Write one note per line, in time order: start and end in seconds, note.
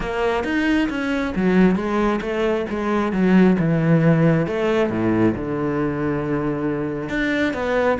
0.00 0.44 A#3
0.44 0.88 D#4
0.89 1.33 C#4
1.35 1.75 F#3
1.75 2.20 G#3
2.21 2.65 A3
2.69 3.12 G#3
3.12 3.57 F#3
3.59 4.46 E3
4.46 4.89 A3
4.89 5.34 A2
5.35 7.09 D3
7.09 7.53 D4
7.53 7.98 B3